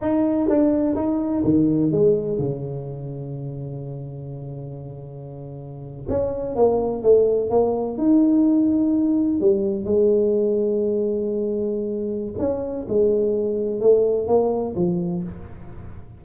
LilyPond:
\new Staff \with { instrumentName = "tuba" } { \time 4/4 \tempo 4 = 126 dis'4 d'4 dis'4 dis4 | gis4 cis2.~ | cis1~ | cis8. cis'4 ais4 a4 ais16~ |
ais8. dis'2. g16~ | g8. gis2.~ gis16~ | gis2 cis'4 gis4~ | gis4 a4 ais4 f4 | }